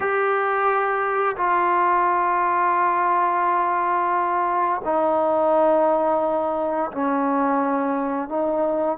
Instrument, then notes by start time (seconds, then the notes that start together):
trombone
0.00 G4
1.36 F4
4.84 D#4
6.91 C#4
8.29 D#4